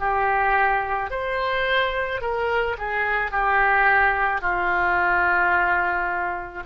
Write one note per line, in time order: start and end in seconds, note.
0.00 1.11 G4
1.11 2.21 C5
2.21 2.77 A#4
2.78 3.31 G#4
3.31 4.41 G4
4.41 6.64 F4